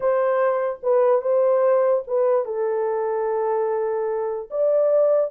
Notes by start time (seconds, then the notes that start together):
0.00 C5
0.82 B4
1.21 C5
2.07 B4
2.45 A4
4.50 D5